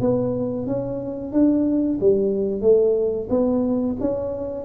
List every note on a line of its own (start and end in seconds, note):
0.00 0.66 B3
0.66 1.32 C#4
1.32 1.98 D4
2.00 2.61 G3
2.61 3.28 A3
3.29 3.96 B3
4.00 4.65 C#4